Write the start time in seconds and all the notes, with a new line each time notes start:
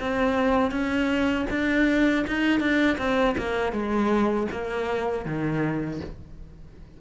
0.00 C4
0.71 C#4
1.50 D4
2.27 D#4
2.60 D4
2.98 C4
3.38 A#3
3.72 G#3
4.51 A#3
5.25 D#3